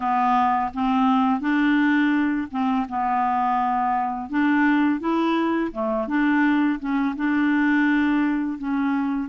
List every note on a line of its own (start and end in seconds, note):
0.00 0.71 B3
0.74 1.40 C4
1.40 2.47 D4
2.51 2.86 C4
2.89 4.29 B3
4.29 4.99 D4
4.99 5.71 E4
5.72 6.07 A3
6.07 6.79 D4
6.79 7.15 C#4
7.16 8.57 D4
8.57 9.29 C#4